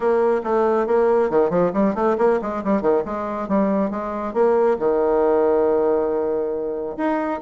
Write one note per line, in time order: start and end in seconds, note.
0.00 0.41 A#3
0.43 0.86 A3
0.86 1.30 A#3
1.30 1.49 D#3
1.49 1.71 F3
1.73 1.94 G3
1.94 2.16 A3
2.18 2.40 A#3
2.41 2.63 G#3
2.64 2.81 G3
2.81 3.03 D#3
3.05 3.48 G#3
3.48 3.90 G3
3.90 4.33 G#3
4.33 4.77 A#3
4.79 6.96 D#3
6.97 7.40 D#4